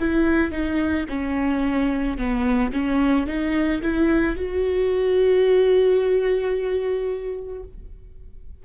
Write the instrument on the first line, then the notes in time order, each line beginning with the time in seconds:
viola
0.00 E4
0.52 D#4
1.09 C#4
2.18 B3
2.73 C#4
3.27 D#4
3.82 E4
4.36 F#4